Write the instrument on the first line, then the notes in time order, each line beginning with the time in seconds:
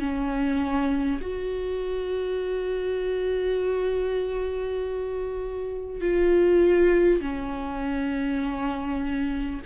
viola
0.00 C#4
1.22 F#4
6.01 F4
7.21 C#4